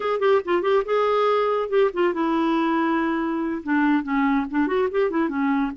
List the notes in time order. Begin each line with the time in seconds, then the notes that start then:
0.00 G#4
0.19 G4
0.44 F4
0.62 G4
0.85 G#4
1.69 G4
1.93 F4
2.13 E4
3.63 D4
4.03 C#4
4.50 D4
4.67 F#4
4.91 G4
5.10 E4
5.29 C#4